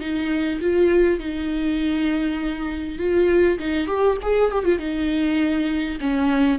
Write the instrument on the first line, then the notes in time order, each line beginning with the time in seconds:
viola
0.00 D#4
0.61 F4
1.20 D#4
2.99 F4
3.59 D#4
3.87 G4
4.22 G#4
4.51 G4
4.65 F4
4.79 D#4
6.01 C#4